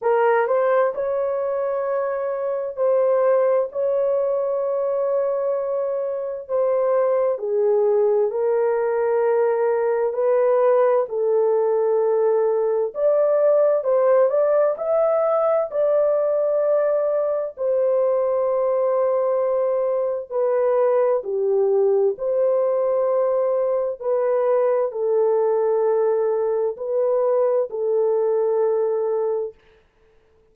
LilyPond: \new Staff \with { instrumentName = "horn" } { \time 4/4 \tempo 4 = 65 ais'8 c''8 cis''2 c''4 | cis''2. c''4 | gis'4 ais'2 b'4 | a'2 d''4 c''8 d''8 |
e''4 d''2 c''4~ | c''2 b'4 g'4 | c''2 b'4 a'4~ | a'4 b'4 a'2 | }